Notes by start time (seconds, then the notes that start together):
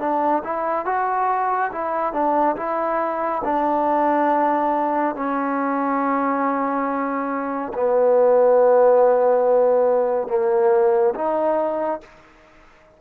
0.00 D4
0.44 E4
0.86 F#4
1.72 E4
2.13 D4
2.56 E4
3.44 D4
5.15 C#4
7.74 B3
10.28 A#3
11.15 D#4